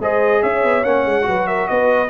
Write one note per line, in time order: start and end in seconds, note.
0.00 0.42 G#3
0.00 0.84 G#4
0.00 0.41 C5
0.00 0.43 D#5
0.41 0.64 C#4
0.41 1.26 C#5
0.41 0.84 E5
0.64 0.85 B3
0.84 1.06 A#3
0.84 1.23 C#4
0.84 1.48 F#5
1.06 1.27 G#3
1.23 1.70 F#3
1.23 2.07 F#4
1.23 1.48 B4
1.48 1.69 A#4
1.48 1.68 E5
1.68 2.10 B3
1.68 2.10 B4
1.68 2.10 D#5